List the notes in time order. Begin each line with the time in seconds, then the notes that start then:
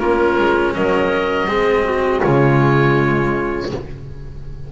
0.00 A#3 C#4 F4 A#4
0.39 G#3
0.75 F#3 A#4 D#5
1.48 G#3 C4 G#4
1.85 F#4
2.22 C#3 G#3 F4 C#5